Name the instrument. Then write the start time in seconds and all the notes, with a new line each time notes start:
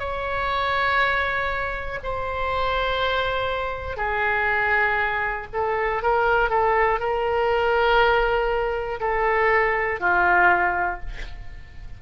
oboe
0.00 C#5
2.04 C5
3.97 G#4
5.54 A4
6.03 A#4
6.50 A4
7.00 A#4
9.00 A4
10.00 F4